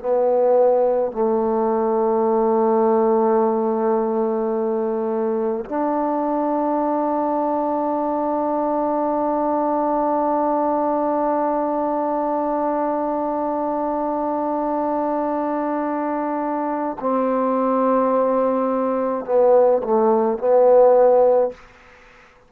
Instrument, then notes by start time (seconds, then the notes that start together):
trombone
0.00 B3
1.12 A3
5.66 D4
17.00 C4
19.26 B3
19.84 A3
20.39 B3